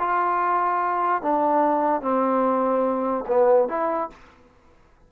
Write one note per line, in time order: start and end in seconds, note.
0.00 1.23 F4
1.23 2.02 D4
2.02 3.25 C4
3.28 3.69 B3
3.69 4.10 E4